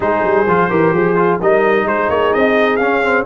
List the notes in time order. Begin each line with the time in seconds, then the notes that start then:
0.00 G#3 D#4 G#4 C5
0.23 G3
0.46 F3 F4
0.70 E3 G4 A#4
0.93 F3 G#4
1.16 F4
1.40 G3 D#4 A#4 D#5
1.85 G#3 G#4 C5
2.09 A#3 C#5
2.33 C4 D#5
2.76 C#4 F5
3.02 C4